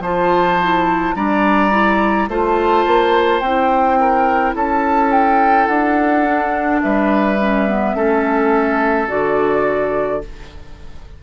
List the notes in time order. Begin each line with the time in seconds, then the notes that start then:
0.00 F3 F4 C5 A5
0.62 E4
1.16 G3 D4 D5 A#5
1.71 E4
2.29 A3 F4 C5 A5
2.87 A#3
3.40 C4 E4 G5
4.00 A#4
4.55 C#4 A4 A5
5.12 G5
5.67 D4 F#5
6.25 D4
6.82 G3 B4 E5
7.40 C#4
7.68 B3
7.95 A3 C#4 A4
9.08 D3 F#4 D5